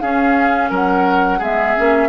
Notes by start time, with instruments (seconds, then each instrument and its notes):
0.00 bassoon C#4, clarinet C#4, oboe G#4, flute F5
0.70 bassoon F#3, oboe A#4, flute F#5
1.38 bassoon G#3, clarinet B3, oboe G#4, flute E5
1.77 bassoon A#3, clarinet C#4